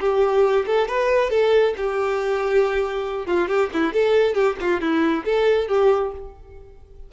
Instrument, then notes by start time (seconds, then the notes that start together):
violin
0.00 G4
0.66 A4
0.88 B4
1.30 A4
1.77 G4
3.26 F4
3.48 G4
3.73 E4
3.93 A4
4.34 G4
4.60 F4
4.81 E4
5.25 A4
5.68 G4